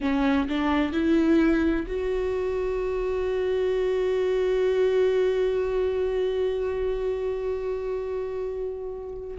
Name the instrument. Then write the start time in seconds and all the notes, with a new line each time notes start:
viola
0.00 C#4
0.48 D4
0.92 E4
1.87 F#4